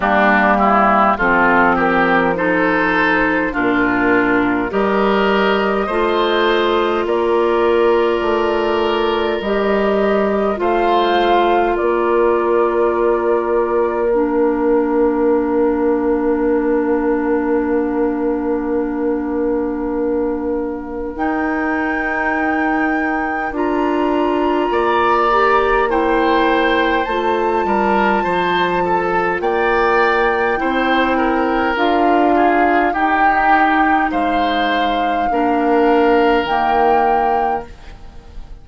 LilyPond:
<<
  \new Staff \with { instrumentName = "flute" } { \time 4/4 \tempo 4 = 51 g'4 a'8 ais'8 c''4 ais'4 | dis''2 d''2 | dis''4 f''4 d''2 | f''1~ |
f''2 g''2 | ais''2 g''4 a''4~ | a''4 g''2 f''4 | g''4 f''2 g''4 | }
  \new Staff \with { instrumentName = "oboe" } { \time 4/4 d'8 e'8 f'8 g'8 a'4 f'4 | ais'4 c''4 ais'2~ | ais'4 c''4 ais'2~ | ais'1~ |
ais'1~ | ais'4 d''4 c''4. ais'8 | c''8 a'8 d''4 c''8 ais'4 gis'8 | g'4 c''4 ais'2 | }
  \new Staff \with { instrumentName = "clarinet" } { \time 4/4 ais4 c'4 dis'4 d'4 | g'4 f'2. | g'4 f'2. | d'1~ |
d'2 dis'2 | f'4. g'8 e'4 f'4~ | f'2 e'4 f'4 | dis'2 d'4 ais4 | }
  \new Staff \with { instrumentName = "bassoon" } { \time 4/4 g4 f2 ais,4 | g4 a4 ais4 a4 | g4 a4 ais2~ | ais1~ |
ais2 dis'2 | d'4 ais2 a8 g8 | f4 ais4 c'4 d'4 | dis'4 gis4 ais4 dis4 | }
>>